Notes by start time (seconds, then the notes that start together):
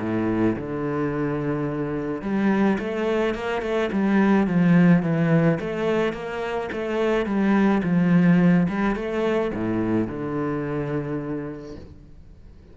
0.00 A2
0.57 D3
2.22 G3
2.79 A3
3.35 A#3
3.62 A3
3.93 G3
4.47 F3
5.03 E3
5.60 A3
6.14 A#3
6.73 A3
7.26 G3
7.84 F3
8.69 G3
8.96 A3
9.54 A2
10.08 D3